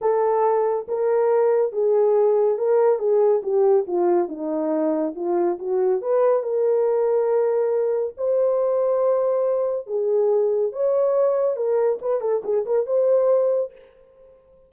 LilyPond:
\new Staff \with { instrumentName = "horn" } { \time 4/4 \tempo 4 = 140 a'2 ais'2 | gis'2 ais'4 gis'4 | g'4 f'4 dis'2 | f'4 fis'4 b'4 ais'4~ |
ais'2. c''4~ | c''2. gis'4~ | gis'4 cis''2 ais'4 | b'8 a'8 gis'8 ais'8 c''2 | }